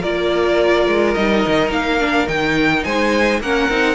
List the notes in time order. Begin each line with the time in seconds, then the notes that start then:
0.00 A#3 F4 A#4 D5
0.87 G#3
1.14 G3 D#4 D#5
1.46 D#3
1.71 A#3 F5
2.00 D4
2.27 D#3 D#4 G5
2.84 G#3 C5 G#5
3.40 A#3 C#4 A#4 F#5
3.69 C4 D#4